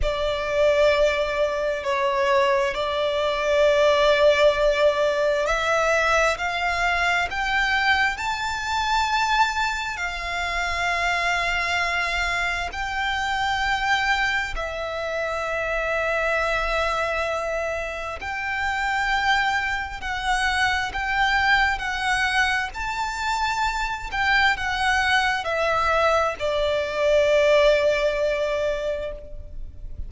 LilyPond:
\new Staff \with { instrumentName = "violin" } { \time 4/4 \tempo 4 = 66 d''2 cis''4 d''4~ | d''2 e''4 f''4 | g''4 a''2 f''4~ | f''2 g''2 |
e''1 | g''2 fis''4 g''4 | fis''4 a''4. g''8 fis''4 | e''4 d''2. | }